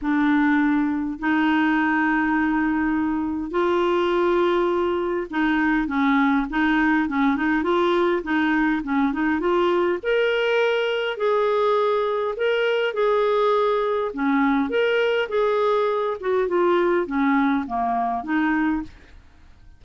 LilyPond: \new Staff \with { instrumentName = "clarinet" } { \time 4/4 \tempo 4 = 102 d'2 dis'2~ | dis'2 f'2~ | f'4 dis'4 cis'4 dis'4 | cis'8 dis'8 f'4 dis'4 cis'8 dis'8 |
f'4 ais'2 gis'4~ | gis'4 ais'4 gis'2 | cis'4 ais'4 gis'4. fis'8 | f'4 cis'4 ais4 dis'4 | }